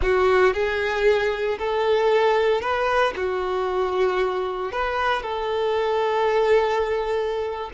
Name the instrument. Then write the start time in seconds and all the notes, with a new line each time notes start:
violin
0.02 F#4
0.53 G#4
1.58 A4
2.61 B4
3.16 F#4
4.72 B4
5.22 A4